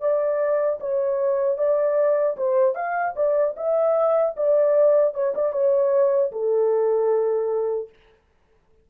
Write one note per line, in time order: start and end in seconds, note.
0.00 0.79 D5
0.80 1.58 C#5
1.58 2.36 D5
2.37 2.75 C5
2.75 3.14 F5
3.15 3.55 D5
3.56 4.35 E5
4.36 5.14 D5
5.14 5.34 C#5
5.35 5.52 D5
5.52 6.31 C#5
6.32 7.89 A4